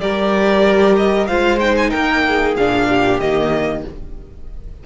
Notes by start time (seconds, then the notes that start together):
0.00 G3 G4 A#4 D5
0.97 D#5
1.27 G#3 F4 C5 F5
1.59 D#4 G5
1.77 G#5
1.90 A#3 A#4 G5
2.28 G#4
2.56 A#2 D4 F5
2.88 G4
3.20 D#3 A#3 D#5